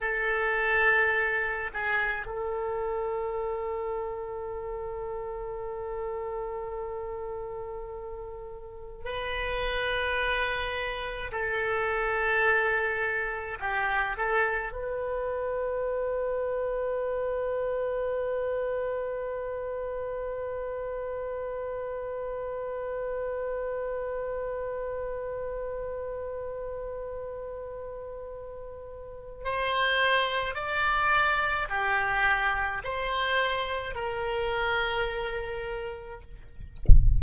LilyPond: \new Staff \with { instrumentName = "oboe" } { \time 4/4 \tempo 4 = 53 a'4. gis'8 a'2~ | a'1 | b'2 a'2 | g'8 a'8 b'2.~ |
b'1~ | b'1~ | b'2 c''4 d''4 | g'4 c''4 ais'2 | }